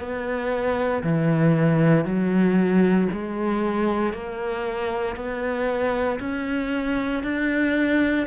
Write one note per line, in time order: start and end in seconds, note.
0.00 1.03 B3
1.04 2.05 E3
2.05 3.08 F#3
3.13 4.13 G#3
4.13 5.16 A#3
5.16 6.20 B3
6.20 7.24 C#4
7.24 8.27 D4